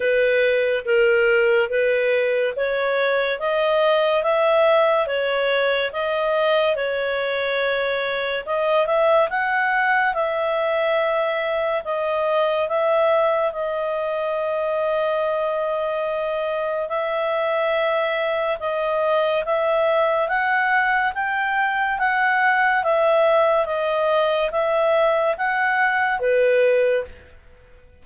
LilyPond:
\new Staff \with { instrumentName = "clarinet" } { \time 4/4 \tempo 4 = 71 b'4 ais'4 b'4 cis''4 | dis''4 e''4 cis''4 dis''4 | cis''2 dis''8 e''8 fis''4 | e''2 dis''4 e''4 |
dis''1 | e''2 dis''4 e''4 | fis''4 g''4 fis''4 e''4 | dis''4 e''4 fis''4 b'4 | }